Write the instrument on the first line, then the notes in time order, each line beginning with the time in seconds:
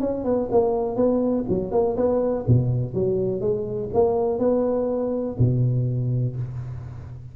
tuba
0.00 C#4
0.25 B3
0.51 A#3
0.96 B3
1.49 F#3
1.72 A#3
1.97 B3
2.47 B2
2.94 F#3
3.41 G#3
3.94 A#3
4.39 B3
5.39 B2